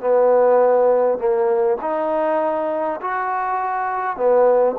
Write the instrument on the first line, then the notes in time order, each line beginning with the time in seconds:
trombone
0.00 B3
1.18 A#3
1.81 D#4
3.01 F#4
4.16 B3